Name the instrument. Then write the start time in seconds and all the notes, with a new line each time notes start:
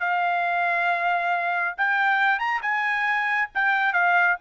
trumpet
0.00 F5
1.77 G5
2.39 A#5
2.62 G#5
3.55 G5
3.93 F5